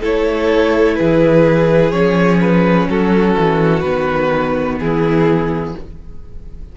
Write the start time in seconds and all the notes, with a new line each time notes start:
0.00 A3 E4 A4 C#5
0.95 E3 G#4 B4
1.90 F3 C#4 C#5
2.40 B4
2.88 F#3 F#4 A4
3.36 E3
3.80 D#3 B3 B4
4.79 E3 E4 G#4